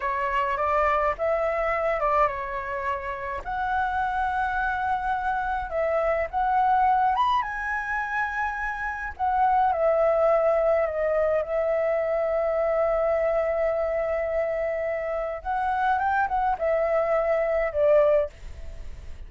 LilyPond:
\new Staff \with { instrumentName = "flute" } { \time 4/4 \tempo 4 = 105 cis''4 d''4 e''4. d''8 | cis''2 fis''2~ | fis''2 e''4 fis''4~ | fis''8 b''8 gis''2. |
fis''4 e''2 dis''4 | e''1~ | e''2. fis''4 | g''8 fis''8 e''2 d''4 | }